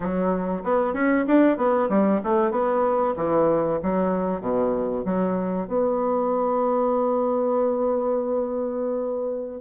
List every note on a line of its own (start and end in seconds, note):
0.00 0.63 F#3
0.63 0.93 B3
0.93 1.25 C#4
1.27 1.57 D4
1.57 1.88 B3
1.89 2.20 G3
2.23 2.51 A3
2.51 3.14 B3
3.16 3.79 E3
3.82 4.40 F#3
4.40 5.04 B2
5.05 5.67 F#3
5.67 9.60 B3